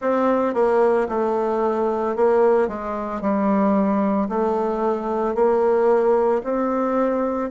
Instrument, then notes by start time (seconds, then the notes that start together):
bassoon
0.00 C4
0.54 A#3
1.08 A3
2.16 A#3
2.67 G#3
3.21 G3
4.29 A3
5.35 A#3
6.43 C4